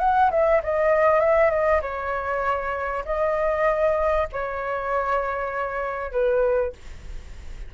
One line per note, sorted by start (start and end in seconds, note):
0.00 0.31 F#5
0.31 0.62 E5
0.63 1.20 D#5
1.20 1.50 E5
1.50 1.81 D#5
1.82 3.04 C#5
3.05 4.28 D#5
4.32 6.12 C#5
6.12 6.73 B4